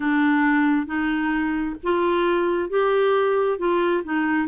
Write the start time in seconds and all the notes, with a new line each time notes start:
0.00 D4
0.86 D#4
1.83 F4
2.69 G4
3.58 F4
4.03 D#4